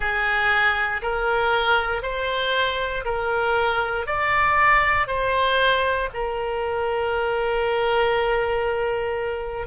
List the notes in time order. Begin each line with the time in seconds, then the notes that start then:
0.00 G#4
1.02 A#4
2.02 C5
3.04 A#4
4.06 D5
5.07 C5
6.13 A#4